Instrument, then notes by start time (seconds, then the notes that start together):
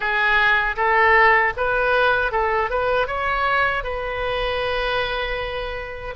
oboe
0.00 G#4
0.76 A4
1.56 B4
2.31 A4
2.70 B4
3.07 C#5
3.83 B4